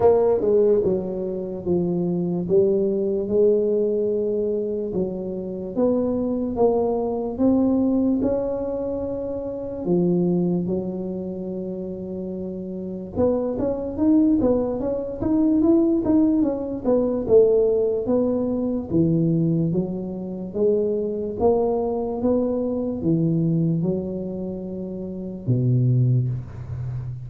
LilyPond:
\new Staff \with { instrumentName = "tuba" } { \time 4/4 \tempo 4 = 73 ais8 gis8 fis4 f4 g4 | gis2 fis4 b4 | ais4 c'4 cis'2 | f4 fis2. |
b8 cis'8 dis'8 b8 cis'8 dis'8 e'8 dis'8 | cis'8 b8 a4 b4 e4 | fis4 gis4 ais4 b4 | e4 fis2 b,4 | }